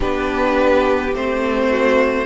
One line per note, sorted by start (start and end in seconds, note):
0.00 1.13 B3
0.00 1.12 D4
0.00 1.67 G4
0.00 1.14 B4
1.13 2.25 A3
1.13 2.25 C4
1.13 2.25 C5
1.70 2.25 F#4